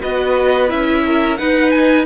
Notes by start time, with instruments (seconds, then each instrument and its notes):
0.00 cello B3, viola F#4, violin B4 D#5
0.68 cello C#4, viola E4, violin E5
1.05 violin A#4
1.37 viola D#4, cello D#4, violin B4 F#5
1.71 violin G#5